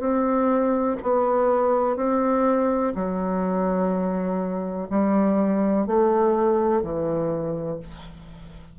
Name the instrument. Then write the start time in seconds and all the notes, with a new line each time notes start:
bassoon
0.00 C4
1.03 B3
1.97 C4
2.96 F#3
4.90 G3
5.87 A3
6.83 E3